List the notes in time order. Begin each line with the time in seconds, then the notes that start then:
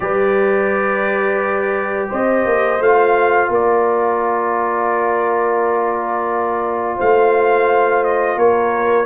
0.00 G3 G4 B4 D5
2.08 C4 C5 D#5
2.45 A#3
2.79 A3 F4 F5
3.48 A#3 A#4 D5
6.96 A3 C5 F5
8.03 D#5
8.36 A#3 A#4 C#5